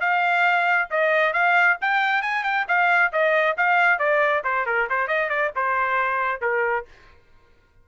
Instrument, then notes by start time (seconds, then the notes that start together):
trumpet
0.00 F5
0.90 D#5
1.33 F5
1.81 G5
2.22 G#5
2.44 G5
2.68 F5
3.12 D#5
3.57 F5
3.99 D5
4.44 C5
4.66 A#4
4.90 C5
5.07 D#5
5.29 D5
5.56 C5
6.41 A#4